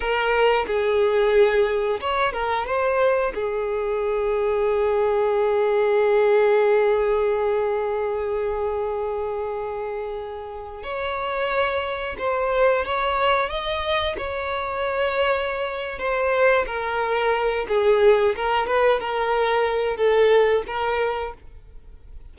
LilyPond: \new Staff \with { instrumentName = "violin" } { \time 4/4 \tempo 4 = 90 ais'4 gis'2 cis''8 ais'8 | c''4 gis'2.~ | gis'1~ | gis'1~ |
gis'16 cis''2 c''4 cis''8.~ | cis''16 dis''4 cis''2~ cis''8. | c''4 ais'4. gis'4 ais'8 | b'8 ais'4. a'4 ais'4 | }